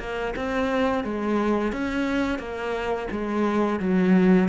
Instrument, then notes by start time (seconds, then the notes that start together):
cello
0.00 A#3
0.36 C4
1.04 G#3
1.73 C#4
2.39 A#3
3.11 G#3
3.80 F#3